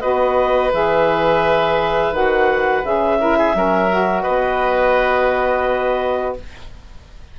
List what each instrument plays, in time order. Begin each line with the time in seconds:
0.00 bassoon B3, saxophone F#4, oboe B4, clarinet D#5
0.73 bassoon E3, saxophone G#4, clarinet E5
2.12 bassoon D#3, saxophone F#4, clarinet F#5
2.84 bassoon C#3, saxophone G#4, clarinet E5
3.19 saxophone E4, oboe A#4
3.38 oboe G#4
3.54 bassoon F#3, saxophone C#4, oboe A#4
3.91 saxophone F#4
4.22 bassoon B3, oboe B4, clarinet D#5